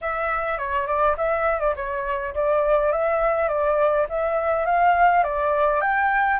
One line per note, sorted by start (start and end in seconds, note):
0.01 0.57 E5
0.57 0.87 C#5
0.87 1.16 D5
1.17 1.59 E5
1.59 1.74 D5
1.76 2.34 C#5
2.34 2.92 D5
2.92 3.48 E5
3.48 4.06 D5
4.09 4.65 E5
4.65 5.23 F5
5.23 5.81 D5
5.81 6.39 G5